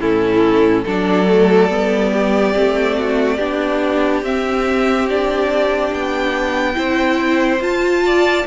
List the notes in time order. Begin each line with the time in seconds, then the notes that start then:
0.00 A2 C#4 E4 A4
0.84 F#3 D4 A4 D5
1.26 A3
1.70 G3 B3
2.13 G4
2.54 A3 C4
2.98 F#4
3.36 B3 D4 G4
4.23 C4 E5
5.09 D4 D5
5.92 B3 G5
6.74 C4 E4 C5
7.60 F4 A5
8.06 D5